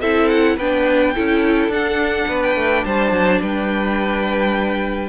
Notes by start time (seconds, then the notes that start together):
0.00 C4 E4 A4 E5
0.28 F#5
0.56 B3 D4 B4 G5
1.15 C#4 E4 A4
1.68 D4 F#5
2.27 B3 B4
2.42 G5
2.55 A3
2.84 G3 C5 A5
3.11 F#3
3.40 G3 B4 G5